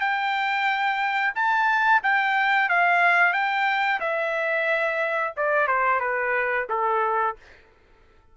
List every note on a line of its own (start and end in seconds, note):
0.00 1.33 G5
1.35 2.02 A5
2.03 2.69 G5
2.69 3.33 F5
3.33 4.00 G5
4.00 5.34 E5
5.37 5.68 D5
5.68 6.00 C5
6.00 6.67 B4
6.70 7.36 A4